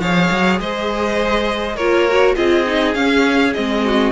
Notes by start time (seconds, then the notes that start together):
0.00 F3 G#4 C#5 F5
0.31 F#3
0.59 G#3 C5 D#5
1.76 A#3 F4 A#4 C#5
2.09 F#4
2.36 C4 F4 G#4 D#5
2.66 D#4
2.94 C#4 F5
3.53 G#3 C4 D#5
3.85 F#4